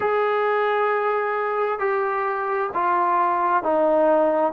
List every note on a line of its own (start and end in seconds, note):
0.00 1.79 G#4
1.79 2.70 G4
2.74 3.63 F4
3.63 4.52 D#4